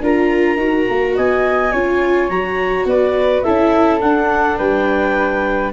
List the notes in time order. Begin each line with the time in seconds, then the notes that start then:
0.00 D4 F4 A#4 A#5
0.56 D#4 F#4
0.89 A#3
1.15 B3 D#5 G#5
1.72 C#4 F4 C#5
2.29 F#3 F#4 A#5
2.85 B3 B4 D5
3.42 C#4 E4 A4 E5
4.00 D4 F#5
4.57 G3 B4 G5